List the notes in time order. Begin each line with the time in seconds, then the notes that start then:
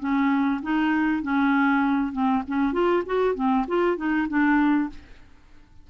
0.00 C#4
0.63 D#4
1.23 C#4
2.13 C4
2.48 C#4
2.73 F4
3.06 F#4
3.35 C4
3.68 F4
3.97 D#4
4.29 D4